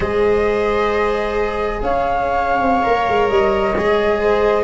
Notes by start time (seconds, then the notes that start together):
0.00 G#3 G#4 C5 D#5
1.81 C#4 C#5 F5
2.61 C4
2.83 A#3 A#4
3.08 G#3
3.29 G3 D#5
3.75 G#3 G#4
4.19 C5